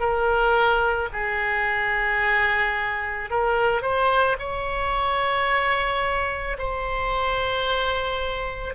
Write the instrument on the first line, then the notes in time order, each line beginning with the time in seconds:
oboe
0.00 A#4
1.13 G#4
3.30 A#4
3.82 C5
4.39 C#5
6.59 C5